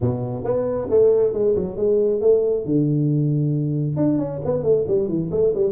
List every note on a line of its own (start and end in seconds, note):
0.00 0.44 B2
0.44 0.88 B3
0.89 1.33 A3
1.33 1.55 G#3
1.55 1.76 F#3
1.76 2.20 G#3
2.21 2.65 A3
2.65 3.96 D3
3.96 4.18 D4
4.18 4.40 C#4
4.44 4.63 B3
4.63 4.85 A3
4.87 5.08 G3
5.08 5.30 E3
5.31 5.53 A3
5.55 5.72 G3